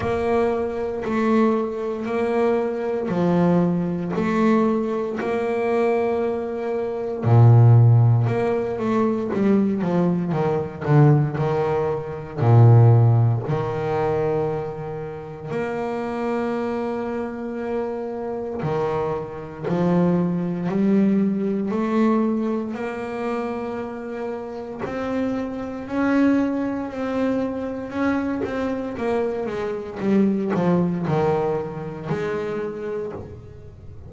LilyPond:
\new Staff \with { instrumentName = "double bass" } { \time 4/4 \tempo 4 = 58 ais4 a4 ais4 f4 | a4 ais2 ais,4 | ais8 a8 g8 f8 dis8 d8 dis4 | ais,4 dis2 ais4~ |
ais2 dis4 f4 | g4 a4 ais2 | c'4 cis'4 c'4 cis'8 c'8 | ais8 gis8 g8 f8 dis4 gis4 | }